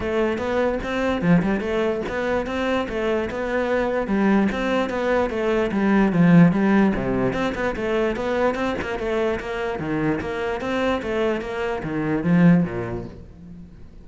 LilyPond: \new Staff \with { instrumentName = "cello" } { \time 4/4 \tempo 4 = 147 a4 b4 c'4 f8 g8 | a4 b4 c'4 a4 | b2 g4 c'4 | b4 a4 g4 f4 |
g4 c4 c'8 b8 a4 | b4 c'8 ais8 a4 ais4 | dis4 ais4 c'4 a4 | ais4 dis4 f4 ais,4 | }